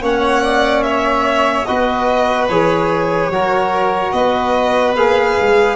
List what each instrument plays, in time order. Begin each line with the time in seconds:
0.00 tuba A#3, trombone C#4, violin C#5 F#5
0.43 violin D5
0.83 violin C#5 E5
1.65 tuba B3, trombone F#4, violin B4 D#5
2.49 tuba E3, trombone G#4, violin C#5
3.29 tuba F#3, trombone F#4, violin A#4
4.12 tuba B3, violin B4 D#5
4.95 tuba A#3, trombone G#4, violin F5
5.41 tuba G#3